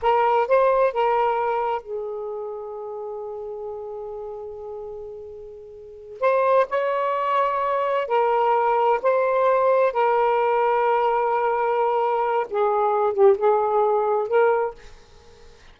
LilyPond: \new Staff \with { instrumentName = "saxophone" } { \time 4/4 \tempo 4 = 130 ais'4 c''4 ais'2 | gis'1~ | gis'1~ | gis'4. c''4 cis''4.~ |
cis''4. ais'2 c''8~ | c''4. ais'2~ ais'8~ | ais'2. gis'4~ | gis'8 g'8 gis'2 ais'4 | }